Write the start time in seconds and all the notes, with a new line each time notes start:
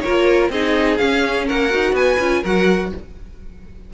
0.00 A#3 F4 A#4 C#5
0.49 C4 D#4 G#4 D#5
0.97 C#4 F5
1.47 A#3 A#4 F#5
1.70 D#4 F#4
1.92 B3 B4 G#5
2.19 C#4 F4
2.42 F#3 F#4 A#4 F#5